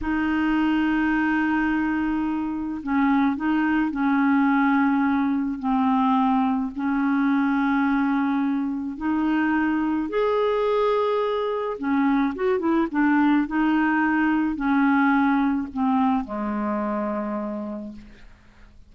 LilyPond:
\new Staff \with { instrumentName = "clarinet" } { \time 4/4 \tempo 4 = 107 dis'1~ | dis'4 cis'4 dis'4 cis'4~ | cis'2 c'2 | cis'1 |
dis'2 gis'2~ | gis'4 cis'4 fis'8 e'8 d'4 | dis'2 cis'2 | c'4 gis2. | }